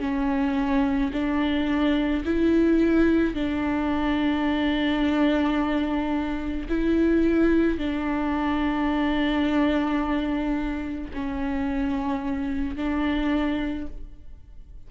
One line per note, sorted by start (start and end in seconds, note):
0.00 1.11 C#4
1.13 2.24 D4
2.25 3.35 E4
3.35 6.68 D4
6.69 7.78 E4
7.78 11.12 D4
11.14 12.76 C#4
12.76 13.87 D4